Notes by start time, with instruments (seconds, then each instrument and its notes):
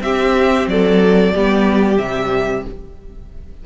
0.00 cello C4, viola C4, violin G4 E5
0.67 cello F#3, violin A4 D5
1.34 cello G3, viola B3, violin G4
1.98 cello C3, viola G3, violin E5